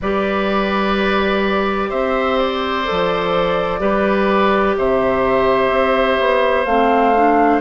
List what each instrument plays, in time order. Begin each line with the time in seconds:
0.01 bassoon G3, clarinet G4, oboe B4, flute D5
1.89 bassoon C4, oboe C5, flute E5
2.38 flute D5
2.85 bassoon F3, clarinet A4
3.79 bassoon G3, clarinet G4, oboe B4
4.77 bassoon C3, oboe C5, flute E5
5.70 bassoon C4
6.19 bassoon B3
6.64 bassoon A3, clarinet C4, flute F5
7.15 clarinet D4